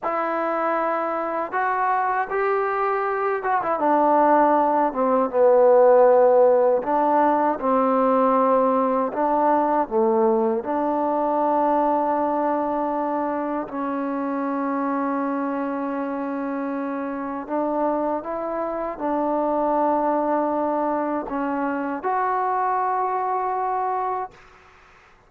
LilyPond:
\new Staff \with { instrumentName = "trombone" } { \time 4/4 \tempo 4 = 79 e'2 fis'4 g'4~ | g'8 fis'16 e'16 d'4. c'8 b4~ | b4 d'4 c'2 | d'4 a4 d'2~ |
d'2 cis'2~ | cis'2. d'4 | e'4 d'2. | cis'4 fis'2. | }